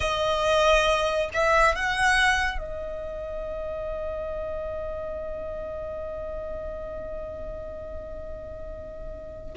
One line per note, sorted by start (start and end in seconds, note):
0.00 1.29 D#5
1.33 1.75 E5
1.75 2.58 F#5
2.58 9.53 D#5